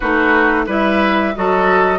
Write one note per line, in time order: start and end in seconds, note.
0.00 0.67 A3
0.00 0.67 D#4
0.00 0.65 F#4
0.00 0.65 B4
0.66 1.34 G3
0.66 1.34 E4
0.66 1.34 B4
0.66 1.35 E5
1.35 1.99 F#3
1.35 1.99 F#4
1.35 1.99 A4
1.35 1.99 D#5